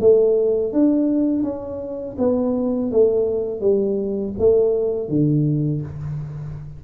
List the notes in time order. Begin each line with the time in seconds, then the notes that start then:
0.00 A3
0.73 D4
1.43 C#4
2.18 B3
2.91 A3
3.60 G3
4.38 A3
5.09 D3